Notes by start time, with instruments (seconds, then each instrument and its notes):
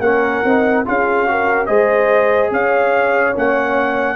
0.00 tuba A#3, trombone C#4, horn A#4, trumpet F#5
0.44 tuba C4, trombone D#4
0.85 tuba C#4, trombone F4, horn G#4, trumpet F5
1.27 trombone F#4, horn A#4
1.66 tuba G#3, trombone G#4, horn C5, trumpet D#5
2.51 tuba C#4, horn C#5, trumpet F5
3.36 tuba A#3, trombone C#4, trumpet F#5